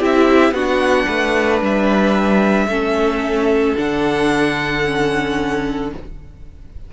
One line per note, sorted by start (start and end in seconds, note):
0.00 0.52 C4
0.00 0.55 E4
0.00 0.54 G4
0.00 0.54 E5
0.52 1.05 B3
0.52 2.69 D4
0.52 1.06 F#4
0.52 1.61 F#5
1.06 1.62 A3
1.06 2.67 B4
1.62 2.68 G3
1.62 3.78 E5
2.68 3.75 A3
2.68 3.76 C#4
2.68 5.92 A4
3.76 5.93 D3
3.76 4.83 D4
3.76 5.93 F#5
4.86 5.93 C#4